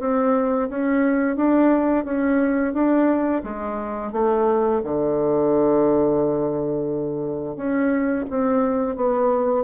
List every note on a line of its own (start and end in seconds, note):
0.00 0.69 C4
0.70 1.36 C#4
1.36 2.05 D4
2.05 2.73 C#4
2.73 3.42 D4
3.44 4.13 G#3
4.13 4.82 A3
4.84 7.56 D3
7.56 8.25 C#4
8.30 8.96 C4
8.96 9.64 B3